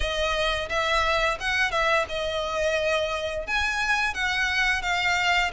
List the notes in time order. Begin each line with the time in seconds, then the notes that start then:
0.00 D#5
0.69 E5
1.39 F#5
1.71 E5
2.08 D#5
3.46 G#5
4.13 F#5
4.82 F5